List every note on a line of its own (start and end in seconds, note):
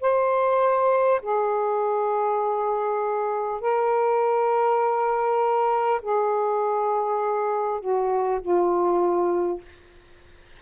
0.00 1.20 C5
1.22 3.61 G#4
3.61 6.01 A#4
6.02 7.80 G#4
7.80 8.40 F#4
8.41 9.61 F4